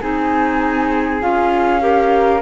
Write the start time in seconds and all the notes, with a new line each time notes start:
0.00 C4 D#4 G#4 G#5
1.20 C#4 F4 F5
1.79 G4 A#4